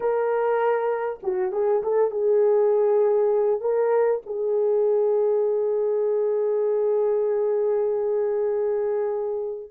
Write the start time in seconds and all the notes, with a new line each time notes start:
0.00 A#4
1.22 F#4
1.52 G#4
1.82 A4
2.10 G#4
3.61 A#4
4.26 G#4